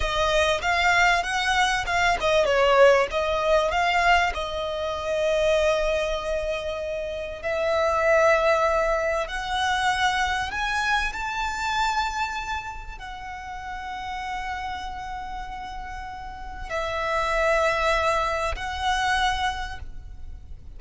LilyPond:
\new Staff \with { instrumentName = "violin" } { \time 4/4 \tempo 4 = 97 dis''4 f''4 fis''4 f''8 dis''8 | cis''4 dis''4 f''4 dis''4~ | dis''1 | e''2. fis''4~ |
fis''4 gis''4 a''2~ | a''4 fis''2.~ | fis''2. e''4~ | e''2 fis''2 | }